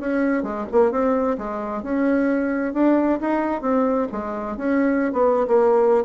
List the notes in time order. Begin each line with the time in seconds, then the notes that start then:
0.00 C#4
0.43 G#3
0.72 A#3
0.91 C4
1.38 G#3
1.83 C#4
2.74 D4
3.21 D#4
3.61 C4
4.12 G#3
4.57 C#4
5.13 B3
5.48 A#3